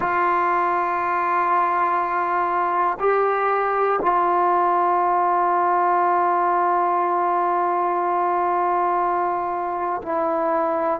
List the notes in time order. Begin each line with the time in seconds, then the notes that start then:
0.00 F4
3.00 G4
4.01 F4
10.02 E4